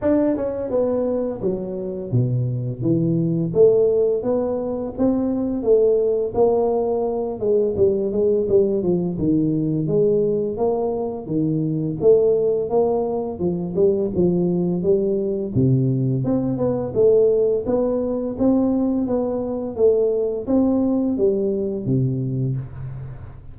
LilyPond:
\new Staff \with { instrumentName = "tuba" } { \time 4/4 \tempo 4 = 85 d'8 cis'8 b4 fis4 b,4 | e4 a4 b4 c'4 | a4 ais4. gis8 g8 gis8 | g8 f8 dis4 gis4 ais4 |
dis4 a4 ais4 f8 g8 | f4 g4 c4 c'8 b8 | a4 b4 c'4 b4 | a4 c'4 g4 c4 | }